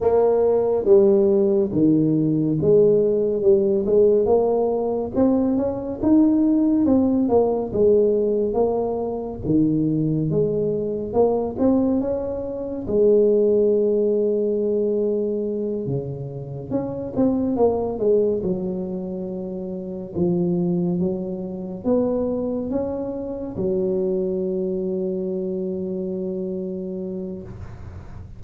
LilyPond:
\new Staff \with { instrumentName = "tuba" } { \time 4/4 \tempo 4 = 70 ais4 g4 dis4 gis4 | g8 gis8 ais4 c'8 cis'8 dis'4 | c'8 ais8 gis4 ais4 dis4 | gis4 ais8 c'8 cis'4 gis4~ |
gis2~ gis8 cis4 cis'8 | c'8 ais8 gis8 fis2 f8~ | f8 fis4 b4 cis'4 fis8~ | fis1 | }